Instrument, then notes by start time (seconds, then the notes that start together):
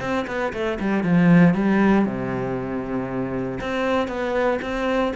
cello
0.00 C4
0.27 B3
0.53 A3
0.79 G3
1.03 F3
1.54 G3
2.05 C3
3.60 C4
4.07 B3
4.61 C4